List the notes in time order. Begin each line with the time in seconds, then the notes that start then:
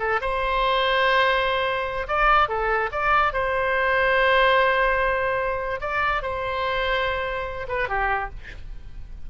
0.00 A4
0.21 C5
2.08 D5
2.49 A4
2.92 D5
3.33 C5
5.81 D5
6.23 C5
7.69 B4
7.89 G4